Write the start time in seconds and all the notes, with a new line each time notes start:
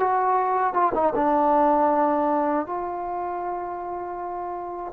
0.00 F#4
0.74 F4
0.95 D#4
1.16 D4
2.67 F4